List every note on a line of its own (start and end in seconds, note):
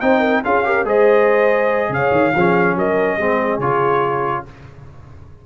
0.00 0.44 C4
0.00 0.44 D#4
0.00 0.19 C5
0.00 0.42 G5
0.19 0.40 A#4
0.44 0.84 C#4
0.44 0.64 F4
0.44 0.66 G#4
0.44 0.86 F5
0.64 0.85 G4
0.64 0.85 A#4
0.84 1.89 G#3
0.84 2.33 G#4
0.84 1.91 C5
0.84 1.93 D#5
1.89 2.10 C#3
1.89 2.35 C#5
1.89 2.78 F5
2.11 2.33 D#3
2.35 2.75 F3
2.35 3.20 C#4
2.35 2.77 G#4
2.75 3.18 F#3
2.75 3.18 A#4
2.75 3.60 D#5
3.18 3.59 G#3
3.18 3.61 C4
3.18 4.45 G#4
3.59 4.43 C#3
3.59 4.46 F4
3.59 4.44 C#5